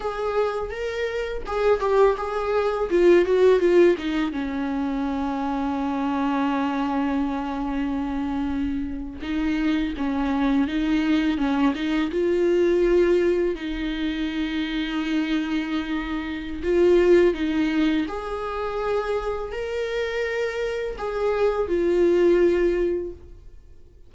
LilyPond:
\new Staff \with { instrumentName = "viola" } { \time 4/4 \tempo 4 = 83 gis'4 ais'4 gis'8 g'8 gis'4 | f'8 fis'8 f'8 dis'8 cis'2~ | cis'1~ | cis'8. dis'4 cis'4 dis'4 cis'16~ |
cis'16 dis'8 f'2 dis'4~ dis'16~ | dis'2. f'4 | dis'4 gis'2 ais'4~ | ais'4 gis'4 f'2 | }